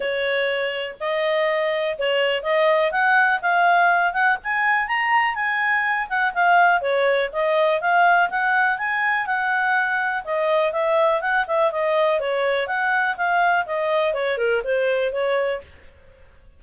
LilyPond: \new Staff \with { instrumentName = "clarinet" } { \time 4/4 \tempo 4 = 123 cis''2 dis''2 | cis''4 dis''4 fis''4 f''4~ | f''8 fis''8 gis''4 ais''4 gis''4~ | gis''8 fis''8 f''4 cis''4 dis''4 |
f''4 fis''4 gis''4 fis''4~ | fis''4 dis''4 e''4 fis''8 e''8 | dis''4 cis''4 fis''4 f''4 | dis''4 cis''8 ais'8 c''4 cis''4 | }